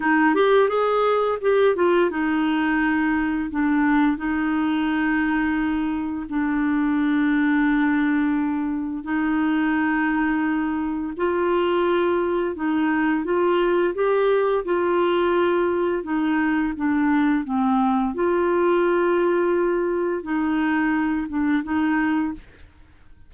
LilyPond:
\new Staff \with { instrumentName = "clarinet" } { \time 4/4 \tempo 4 = 86 dis'8 g'8 gis'4 g'8 f'8 dis'4~ | dis'4 d'4 dis'2~ | dis'4 d'2.~ | d'4 dis'2. |
f'2 dis'4 f'4 | g'4 f'2 dis'4 | d'4 c'4 f'2~ | f'4 dis'4. d'8 dis'4 | }